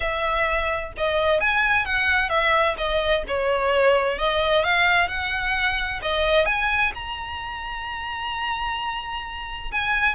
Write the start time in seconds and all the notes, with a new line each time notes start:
0.00 E5
0.97 D#5
1.40 G#5
1.85 F#5
2.29 E5
2.77 D#5
3.27 C#5
4.18 D#5
4.64 F5
5.07 F#5
6.02 D#5
6.45 G#5
6.94 A#5
9.71 G#5